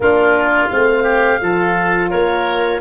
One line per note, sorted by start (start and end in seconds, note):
0.00 0.69 A#3
0.00 0.71 D4
0.00 1.03 F4
0.00 0.69 A#4
0.69 1.41 A3
0.69 1.40 C4
0.69 2.09 F5
1.03 1.38 G4
1.40 2.12 F3
1.40 2.81 F4
1.40 2.09 A4
2.09 2.81 A#3
2.09 2.80 A#4
2.09 2.80 C#5